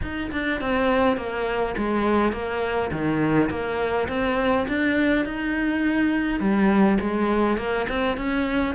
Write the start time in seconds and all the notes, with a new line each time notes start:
0.02 D#4
0.31 D4
0.61 C4
1.17 A#3
1.77 G#3
2.32 A#3
2.91 D#3
3.50 A#3
4.08 C4
4.68 D4
5.25 D#4
6.39 G3
7.00 G#3
7.57 A#3
7.89 C4
8.17 C#4